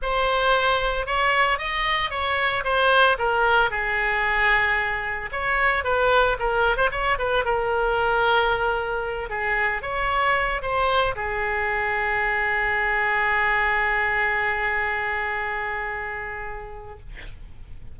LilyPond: \new Staff \with { instrumentName = "oboe" } { \time 4/4 \tempo 4 = 113 c''2 cis''4 dis''4 | cis''4 c''4 ais'4 gis'4~ | gis'2 cis''4 b'4 | ais'8. c''16 cis''8 b'8 ais'2~ |
ais'4. gis'4 cis''4. | c''4 gis'2.~ | gis'1~ | gis'1 | }